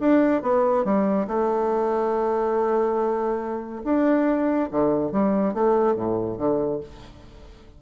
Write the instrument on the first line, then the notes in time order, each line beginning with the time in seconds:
bassoon
0.00 D4
0.43 B3
0.85 G3
1.28 A3
3.85 D4
4.71 D3
5.12 G3
5.54 A3
5.96 A2
6.38 D3